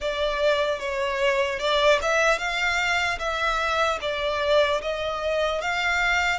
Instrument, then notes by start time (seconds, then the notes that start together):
violin
0.00 D5
0.79 C#5
1.59 D5
2.01 E5
2.38 F5
3.19 E5
4.01 D5
4.81 D#5
5.61 F5